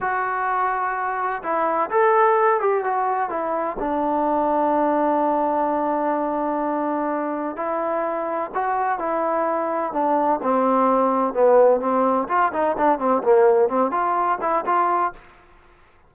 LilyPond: \new Staff \with { instrumentName = "trombone" } { \time 4/4 \tempo 4 = 127 fis'2. e'4 | a'4. g'8 fis'4 e'4 | d'1~ | d'1 |
e'2 fis'4 e'4~ | e'4 d'4 c'2 | b4 c'4 f'8 dis'8 d'8 c'8 | ais4 c'8 f'4 e'8 f'4 | }